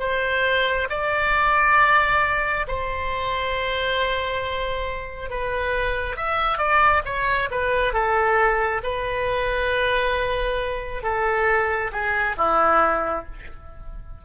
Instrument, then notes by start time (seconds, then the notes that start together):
oboe
0.00 C5
0.90 D5
2.68 C5
5.31 B4
6.17 E5
6.58 D5
7.05 C#5
7.51 B4
7.94 A4
8.84 B4
11.03 A4
11.92 G#4
12.38 E4